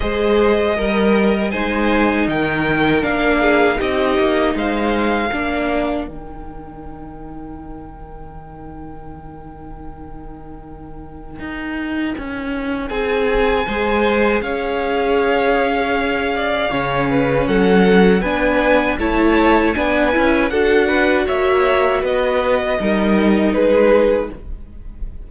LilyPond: <<
  \new Staff \with { instrumentName = "violin" } { \time 4/4 \tempo 4 = 79 dis''2 gis''4 g''4 | f''4 dis''4 f''2 | g''1~ | g''1~ |
g''4 gis''2 f''4~ | f''2. fis''4 | gis''4 a''4 gis''4 fis''4 | e''4 dis''2 b'4 | }
  \new Staff \with { instrumentName = "violin" } { \time 4/4 c''4 ais'4 c''4 ais'4~ | ais'8 gis'8 g'4 c''4 ais'4~ | ais'1~ | ais'1~ |
ais'4 gis'4 c''4 cis''4~ | cis''4. d''8 cis''8 b'8 a'4 | b'4 cis''4 b'4 a'8 b'8 | cis''4 b'4 ais'4 gis'4 | }
  \new Staff \with { instrumentName = "viola" } { \time 4/4 gis'4 ais'4 dis'2 | d'4 dis'2 d'4 | dis'1~ | dis'1~ |
dis'2 gis'2~ | gis'2 cis'2 | d'4 e'4 d'8 e'8 fis'4~ | fis'2 dis'2 | }
  \new Staff \with { instrumentName = "cello" } { \time 4/4 gis4 g4 gis4 dis4 | ais4 c'8 ais8 gis4 ais4 | dis1~ | dis2. dis'4 |
cis'4 c'4 gis4 cis'4~ | cis'2 cis4 fis4 | b4 a4 b8 cis'8 d'4 | ais4 b4 g4 gis4 | }
>>